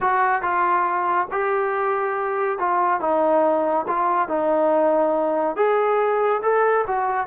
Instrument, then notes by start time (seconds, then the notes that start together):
trombone
0.00 F#4
0.42 F4
1.31 G4
2.58 F4
3.00 D#4
3.87 F4
4.28 D#4
5.56 G#4
6.42 A4
6.87 F#4